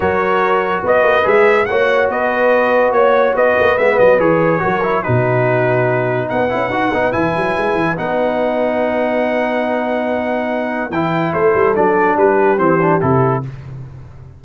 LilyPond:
<<
  \new Staff \with { instrumentName = "trumpet" } { \time 4/4 \tempo 4 = 143 cis''2 dis''4 e''4 | fis''4 dis''2 cis''4 | dis''4 e''8 dis''8 cis''2 | b'2. fis''4~ |
fis''4 gis''2 fis''4~ | fis''1~ | fis''2 g''4 c''4 | d''4 b'4 c''4 a'4 | }
  \new Staff \with { instrumentName = "horn" } { \time 4/4 ais'2 b'2 | cis''4 b'2 cis''4 | b'2. ais'4 | fis'2. b'4~ |
b'1~ | b'1~ | b'2. a'4~ | a'4 g'2. | }
  \new Staff \with { instrumentName = "trombone" } { \time 4/4 fis'2. gis'4 | fis'1~ | fis'4 b4 gis'4 fis'8 e'8 | dis'2.~ dis'8 e'8 |
fis'8 dis'8 e'2 dis'4~ | dis'1~ | dis'2 e'2 | d'2 c'8 d'8 e'4 | }
  \new Staff \with { instrumentName = "tuba" } { \time 4/4 fis2 b8 ais8 gis4 | ais4 b2 ais4 | b8 ais8 gis8 fis8 e4 fis4 | b,2. b8 cis'8 |
dis'8 b8 e8 fis8 gis8 e8 b4~ | b1~ | b2 e4 a8 g8 | fis4 g4 e4 c4 | }
>>